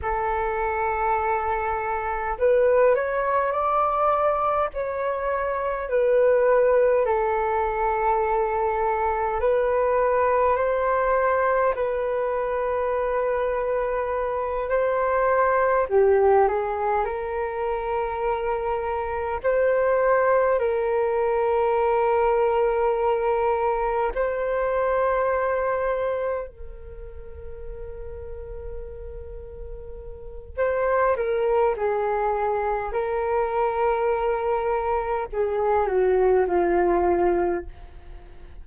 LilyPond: \new Staff \with { instrumentName = "flute" } { \time 4/4 \tempo 4 = 51 a'2 b'8 cis''8 d''4 | cis''4 b'4 a'2 | b'4 c''4 b'2~ | b'8 c''4 g'8 gis'8 ais'4.~ |
ais'8 c''4 ais'2~ ais'8~ | ais'8 c''2 ais'4.~ | ais'2 c''8 ais'8 gis'4 | ais'2 gis'8 fis'8 f'4 | }